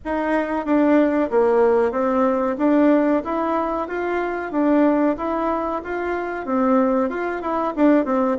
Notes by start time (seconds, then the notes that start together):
0.04 D#4
0.65 D4
1.30 A#3
1.91 C4
2.58 D4
3.24 E4
3.87 F4
4.51 D4
5.17 E4
5.84 F4
6.45 C4
7.09 F4
7.41 E4
7.76 D4
8.05 C4